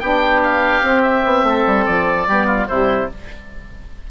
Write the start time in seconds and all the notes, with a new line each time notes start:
0.00 B3 D4 G4 G5
0.44 F5
0.82 C4
1.03 E5
1.26 B3
1.44 A3 A4
1.67 G3
1.86 F3 D5
2.27 G3 B3 G4
2.47 F4
2.67 C3 G3 E4 C5